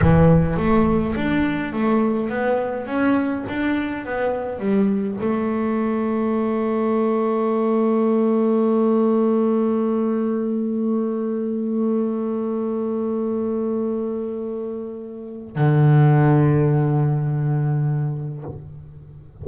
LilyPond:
\new Staff \with { instrumentName = "double bass" } { \time 4/4 \tempo 4 = 104 e4 a4 d'4 a4 | b4 cis'4 d'4 b4 | g4 a2.~ | a1~ |
a1~ | a1~ | a2. d4~ | d1 | }